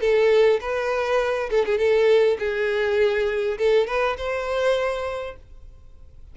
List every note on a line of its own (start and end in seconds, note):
0.00 0.59 A4
0.60 1.49 B4
1.50 1.65 A4
1.65 1.78 G#4
1.78 2.37 A4
2.39 3.58 G#4
3.58 3.87 A4
3.87 4.16 B4
4.17 5.36 C5